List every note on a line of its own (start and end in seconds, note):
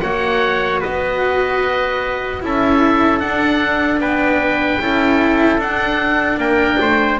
0.00 0.84 A#3
0.00 2.42 F#4
0.00 0.81 C#5
0.00 0.80 F#5
0.81 2.44 B3
0.81 2.41 B4
0.81 2.43 D#5
2.42 3.24 C#4
2.42 3.20 E4
2.42 4.02 A4
2.42 3.20 E5
3.20 4.80 D4
3.20 3.99 D4
3.20 4.00 F#5
3.99 4.79 B3
3.99 4.82 B4
3.99 5.61 G5
4.80 5.58 C#4
4.80 5.59 E4
4.80 6.39 A4
5.58 6.38 D4
5.58 7.19 D4
5.58 6.40 F#5
6.38 6.78 A#3
6.38 6.79 A#4
6.38 7.20 G5
6.81 7.20 A3
6.81 7.20 C5